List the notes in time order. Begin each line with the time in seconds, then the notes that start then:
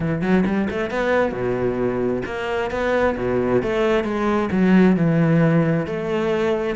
0.00 E3
0.21 F#3
0.46 G3
0.70 A3
0.90 B3
1.32 B2
2.25 A#3
2.70 B3
3.17 B2
3.62 A3
4.04 G#3
4.51 F#3
4.96 E3
5.86 A3